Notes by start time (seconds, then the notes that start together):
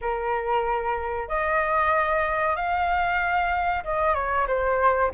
0.01 A#4
1.28 D#5
2.56 F5
3.84 D#5
4.14 C#5
4.47 C5